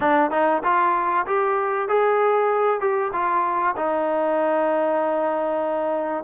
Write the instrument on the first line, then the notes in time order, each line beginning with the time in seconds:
trombone
0.00 D4
0.31 D#4
0.63 F4
1.26 G4
1.88 G#4
2.80 G4
3.12 F4
3.76 D#4